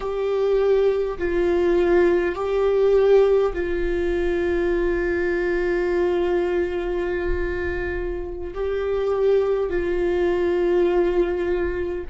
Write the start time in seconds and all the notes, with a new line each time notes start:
0.00 G4
1.18 F4
2.35 G4
3.53 F4
8.53 G4
9.69 F4